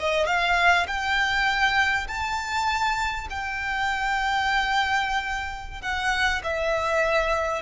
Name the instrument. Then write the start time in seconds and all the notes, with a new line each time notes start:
violin
0.00 D#5
0.27 F5
0.88 G5
2.08 A5
3.31 G5
5.82 F#5
6.44 E5